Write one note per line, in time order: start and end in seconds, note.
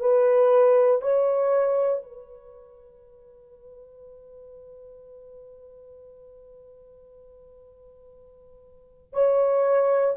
0.00 1.02 B4
1.02 2.02 C#5
2.02 9.13 B4
9.13 10.15 C#5